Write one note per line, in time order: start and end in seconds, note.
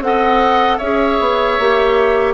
0.00 0.78 C4
0.00 0.81 A4
0.00 0.78 F#5
0.07 0.78 D#5
0.78 1.20 C#4
0.78 1.60 G#4
0.78 2.33 C#5
0.78 2.34 E5
1.20 1.59 B3
1.59 2.34 A#3
1.59 2.34 G4